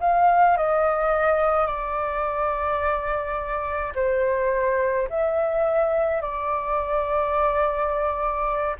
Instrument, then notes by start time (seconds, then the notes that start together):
flute
0.00 F5
0.57 D#5
1.66 D5
3.95 C5
5.09 E5
6.21 D5